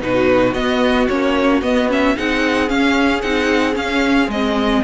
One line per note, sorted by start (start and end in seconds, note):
0.00 0.54 B2
0.00 0.54 D#4
0.00 2.16 F#4
0.00 0.54 B4
0.54 1.07 B3
0.54 1.09 B3
0.54 1.07 D#5
1.08 1.61 A#3
1.08 1.62 C#4
1.08 1.61 C#5
1.61 2.15 B3
1.61 1.88 B3
1.61 1.89 D#5
1.88 2.15 C#4
1.88 2.17 E5
2.15 2.70 C4
2.15 2.67 D#4
2.15 4.83 G#4
2.15 2.69 F#5
2.67 3.21 C#4
2.67 3.23 C#4
2.67 3.21 F5
3.21 3.75 C4
3.21 3.73 D#4
3.21 3.75 F#5
3.73 4.27 C#4
3.73 4.28 C#4
3.73 4.30 F5
4.28 4.81 G#3
4.28 4.83 C4
4.28 4.83 D#5